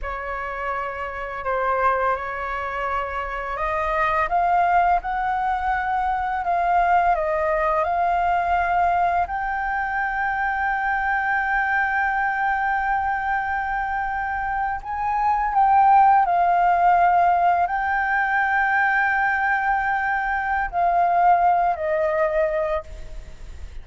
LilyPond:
\new Staff \with { instrumentName = "flute" } { \time 4/4 \tempo 4 = 84 cis''2 c''4 cis''4~ | cis''4 dis''4 f''4 fis''4~ | fis''4 f''4 dis''4 f''4~ | f''4 g''2.~ |
g''1~ | g''8. gis''4 g''4 f''4~ f''16~ | f''8. g''2.~ g''16~ | g''4 f''4. dis''4. | }